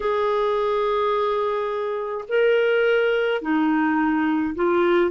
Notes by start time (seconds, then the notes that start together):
0.00 G#4
2.28 A#4
3.41 D#4
4.55 F4